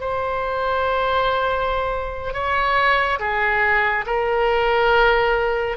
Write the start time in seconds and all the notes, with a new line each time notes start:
0.00 C5
2.33 C#5
3.19 G#4
4.06 A#4